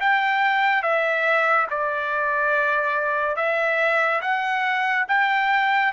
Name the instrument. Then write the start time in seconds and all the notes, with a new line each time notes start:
trumpet
0.00 G5
0.82 E5
1.70 D5
3.36 E5
4.21 F#5
5.08 G5